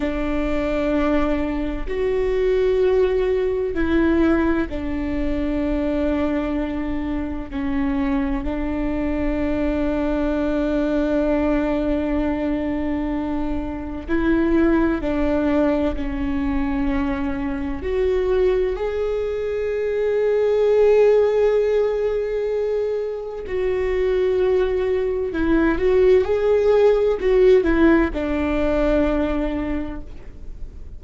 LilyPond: \new Staff \with { instrumentName = "viola" } { \time 4/4 \tempo 4 = 64 d'2 fis'2 | e'4 d'2. | cis'4 d'2.~ | d'2. e'4 |
d'4 cis'2 fis'4 | gis'1~ | gis'4 fis'2 e'8 fis'8 | gis'4 fis'8 e'8 d'2 | }